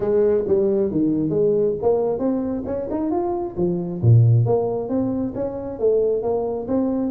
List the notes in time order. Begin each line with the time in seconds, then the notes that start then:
0.00 G#3
0.47 G3
0.91 D#3
1.29 G#3
1.82 A#3
2.19 C4
2.66 C#4
2.90 D#4
3.10 F4
3.57 F3
4.01 A#2
4.45 A#3
4.88 C4
5.34 C#4
5.79 A3
6.22 A#3
6.67 C4